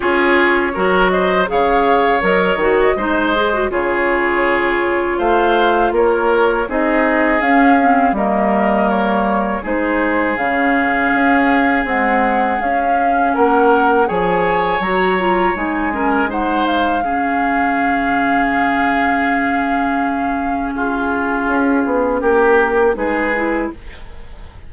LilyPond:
<<
  \new Staff \with { instrumentName = "flute" } { \time 4/4 \tempo 4 = 81 cis''4. dis''8 f''4 dis''4~ | dis''4 cis''2 f''4 | cis''4 dis''4 f''4 dis''4 | cis''4 c''4 f''2 |
fis''4 f''4 fis''4 gis''4 | ais''4 gis''4 fis''8 f''4.~ | f''1 | gis'2 ais'4 b'4 | }
  \new Staff \with { instrumentName = "oboe" } { \time 4/4 gis'4 ais'8 c''8 cis''2 | c''4 gis'2 c''4 | ais'4 gis'2 ais'4~ | ais'4 gis'2.~ |
gis'2 ais'4 cis''4~ | cis''4. ais'8 c''4 gis'4~ | gis'1 | f'2 g'4 gis'4 | }
  \new Staff \with { instrumentName = "clarinet" } { \time 4/4 f'4 fis'4 gis'4 ais'8 fis'8 | dis'8 gis'16 fis'16 f'2.~ | f'4 dis'4 cis'8 c'8 ais4~ | ais4 dis'4 cis'2 |
gis4 cis'2 gis'4 | fis'8 f'8 dis'8 cis'8 dis'4 cis'4~ | cis'1~ | cis'2. dis'8 e'8 | }
  \new Staff \with { instrumentName = "bassoon" } { \time 4/4 cis'4 fis4 cis4 fis8 dis8 | gis4 cis2 a4 | ais4 c'4 cis'4 g4~ | g4 gis4 cis4 cis'4 |
c'4 cis'4 ais4 f4 | fis4 gis2 cis4~ | cis1~ | cis4 cis'8 b8 ais4 gis4 | }
>>